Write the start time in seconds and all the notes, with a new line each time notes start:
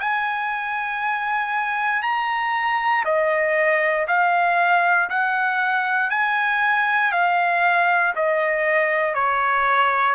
0.00 G#5
2.02 A#5
3.05 D#5
4.08 F5
5.10 F#5
6.10 G#5
7.12 F5
8.15 D#5
9.14 C#5